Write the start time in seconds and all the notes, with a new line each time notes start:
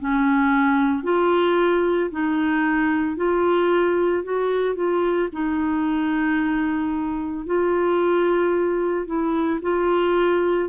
0.00 C#4
1.04 F4
2.11 D#4
3.17 F4
4.24 F#4
4.75 F4
5.32 D#4
7.46 F4
9.06 E4
9.62 F4